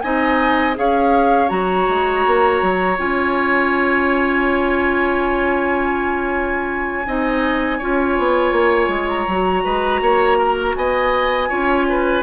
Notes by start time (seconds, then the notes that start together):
0.00 C4 D#4 D#5 G#5
0.75 C#4 G#4 C#5 F5
1.48 F#3 F#4 A#5
1.88 G#3
2.26 A#3
2.62 F#3
2.97 C#4 F4 G#5
7.06 C4 D#4 D#5
7.78 C#4 F4 C#5
8.18 B3
8.52 A#3
8.88 G#3
9.08 A#5
9.27 F#3 F#4
9.64 G#3 B4
10.01 A#3 C#5
10.37 A#4
10.75 B3 D#5 G#5
11.49 C#4 F4 C#5
11.89 B4